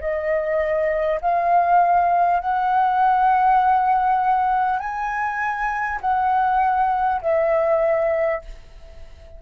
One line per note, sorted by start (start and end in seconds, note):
0.00 1.20 D#5
1.22 2.40 F5
2.40 4.79 F#5
4.79 5.99 G#5
6.02 7.22 F#5
7.22 8.42 E5